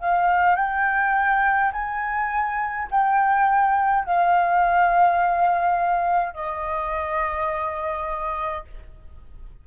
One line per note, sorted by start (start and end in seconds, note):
0.00 0.56 F5
0.56 1.72 G5
1.73 2.88 G#5
2.91 4.05 G5
4.05 6.34 F5
6.34 8.65 D#5